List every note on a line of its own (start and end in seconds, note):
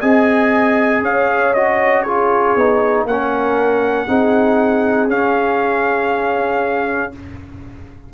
0.00 1.02 C4
0.00 1.54 G#4
0.00 1.02 D#5
0.00 1.02 G#5
1.02 2.55 C#4
1.02 2.04 C#5
1.02 1.54 F5
1.54 2.06 F#4
1.54 2.02 D#5
2.02 2.58 F4
2.02 3.05 G#4
2.02 3.04 C#5
2.56 3.04 B3
2.56 3.09 D#4
3.04 4.06 A#3
3.04 4.08 A#4
3.04 5.10 F#5
3.11 4.08 C#4
4.08 5.08 C4
4.08 5.09 D#4
4.08 7.14 G#4
5.08 7.11 C#4
5.08 7.12 C#4
5.08 7.13 F5